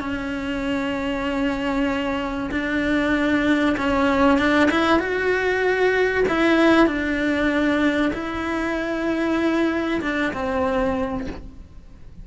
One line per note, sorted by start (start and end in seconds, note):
0.00 2.50 C#4
2.51 3.76 D4
3.78 4.39 C#4
4.39 4.70 D4
4.71 5.00 E4
5.00 6.25 F#4
6.29 6.87 E4
6.87 8.12 D4
8.14 10.01 E4
10.02 10.33 D4
10.33 11.27 C4